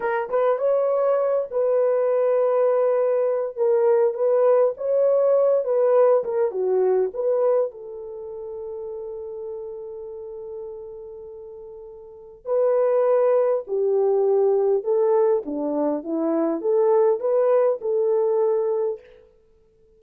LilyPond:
\new Staff \with { instrumentName = "horn" } { \time 4/4 \tempo 4 = 101 ais'8 b'8 cis''4. b'4.~ | b'2 ais'4 b'4 | cis''4. b'4 ais'8 fis'4 | b'4 a'2.~ |
a'1~ | a'4 b'2 g'4~ | g'4 a'4 d'4 e'4 | a'4 b'4 a'2 | }